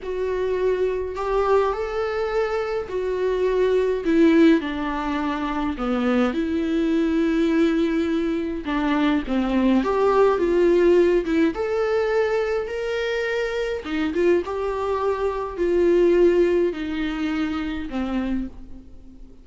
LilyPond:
\new Staff \with { instrumentName = "viola" } { \time 4/4 \tempo 4 = 104 fis'2 g'4 a'4~ | a'4 fis'2 e'4 | d'2 b4 e'4~ | e'2. d'4 |
c'4 g'4 f'4. e'8 | a'2 ais'2 | dis'8 f'8 g'2 f'4~ | f'4 dis'2 c'4 | }